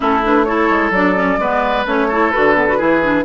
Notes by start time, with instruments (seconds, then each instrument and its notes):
0.00 bassoon A3, clarinet C#4, oboe E4, flute A4
0.23 clarinet D4, flute B4
0.44 clarinet E4, oboe A4, flute C#5
0.69 bassoon G#3
0.90 bassoon F#3, clarinet D4, flute D5
1.15 clarinet C#4
1.38 bassoon G#3, clarinet B3, oboe B4
1.86 bassoon A3, clarinet C#4, flute C#5
2.08 clarinet E4, oboe A4
2.30 bassoon D3, clarinet F#4, flute B4
2.55 clarinet B3
2.67 clarinet F#4
2.77 bassoon E3, clarinet E4, oboe G#4
3.02 clarinet D4